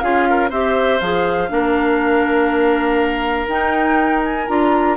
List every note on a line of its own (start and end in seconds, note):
0.00 0.50 C#4
0.00 0.51 F4
0.00 0.29 G#4
0.00 0.50 F5
0.30 0.50 A#4
0.50 1.00 C4
0.50 1.01 G4
0.50 1.49 C5
0.50 1.00 E5
1.00 1.50 F3
1.00 1.49 G#4
1.00 3.48 F5
1.49 3.48 A#3
1.49 3.47 D4
1.49 4.97 A#4
3.48 4.47 D#4
3.48 4.48 D#4
3.48 4.23 G5
4.24 4.47 G#5
4.47 4.97 D4
4.47 4.97 F4
4.47 4.97 A#5